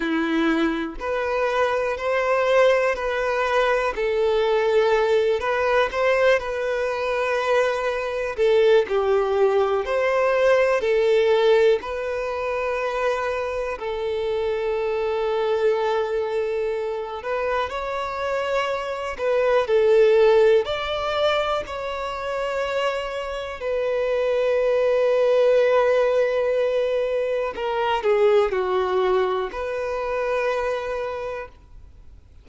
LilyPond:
\new Staff \with { instrumentName = "violin" } { \time 4/4 \tempo 4 = 61 e'4 b'4 c''4 b'4 | a'4. b'8 c''8 b'4.~ | b'8 a'8 g'4 c''4 a'4 | b'2 a'2~ |
a'4. b'8 cis''4. b'8 | a'4 d''4 cis''2 | b'1 | ais'8 gis'8 fis'4 b'2 | }